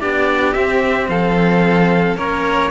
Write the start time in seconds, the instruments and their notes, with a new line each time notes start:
0.00 cello B3 D4, violin G4, trumpet D5
0.53 cello C4, trumpet E5
1.08 cello F3, violin A4, trumpet F5
2.16 cello A#3 C#4, violin A#4, trumpet C#5